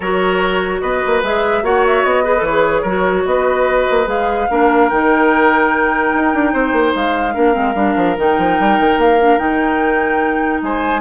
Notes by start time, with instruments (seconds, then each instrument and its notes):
0.00 bassoon F#3, clarinet F#4, oboe A#4, flute C#5
0.80 bassoon B3, oboe B4, flute D#5
1.06 bassoon A#3
1.22 bassoon G#3, clarinet G#4, flute E5
1.62 bassoon A#3, clarinet F#4, oboe C#5, flute F#5
1.86 flute E5
2.04 bassoon B3, flute D#5
2.23 clarinet G#4, oboe B4
2.36 bassoon E3, clarinet A4
2.45 clarinet G#4, flute C#5
2.82 bassoon F#3, clarinet F#4, oboe A#4
3.25 bassoon B3, oboe B4, flute D#5
3.90 bassoon A#3
4.05 bassoon G#3, clarinet G#4, flute F5
4.50 bassoon A#3, clarinet D4, oboe A#4
4.89 bassoon D#3, clarinet D#4, flute G5
6.13 bassoon D#4
6.34 bassoon D4
6.52 bassoon C4, oboe C5
6.72 bassoon A#3
6.95 bassoon G#3, flute F5
7.33 bassoon A#3, clarinet D4, oboe A#4
7.53 bassoon G#3, clarinet C4
7.74 bassoon G3, clarinet D4
7.96 bassoon F3
8.16 bassoon D#3, clarinet D#4, flute G5
8.38 bassoon F3
8.59 bassoon G3
8.79 bassoon D#3
8.97 bassoon A#3, flute F5
9.19 clarinet D4
9.38 bassoon D#3, clarinet D#4, flute G5
10.62 bassoon G#3, oboe C5, flute G#5